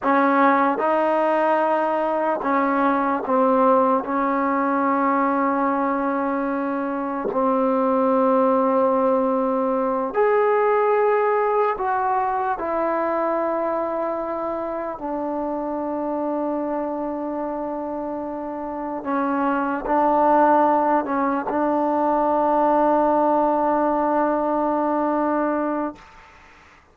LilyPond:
\new Staff \with { instrumentName = "trombone" } { \time 4/4 \tempo 4 = 74 cis'4 dis'2 cis'4 | c'4 cis'2.~ | cis'4 c'2.~ | c'8 gis'2 fis'4 e'8~ |
e'2~ e'8 d'4.~ | d'2.~ d'8 cis'8~ | cis'8 d'4. cis'8 d'4.~ | d'1 | }